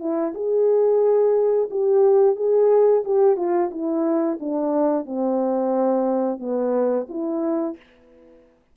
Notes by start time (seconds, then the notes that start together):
0.00 E4
0.35 G#4
1.71 G4
2.37 G#4
3.05 G4
3.37 F4
3.71 E4
4.40 D4
5.06 C4
6.40 B3
7.09 E4